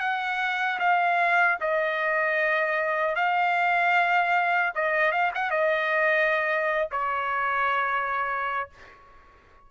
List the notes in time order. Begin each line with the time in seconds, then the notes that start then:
0.00 F#5
0.79 F5
1.61 D#5
3.15 F5
4.75 D#5
5.12 F5
5.35 F#5
5.51 D#5
6.92 C#5